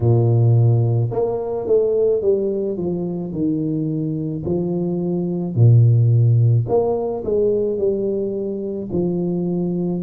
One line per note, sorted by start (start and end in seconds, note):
0.00 1.10 A#2
1.11 1.67 A#3
1.67 2.21 A3
2.21 2.77 G3
2.77 3.32 F3
3.32 4.43 D#3
4.44 5.55 F3
5.55 6.66 A#2
6.68 7.23 A#3
7.24 7.78 G#3
7.78 8.89 G3
8.91 10.02 F3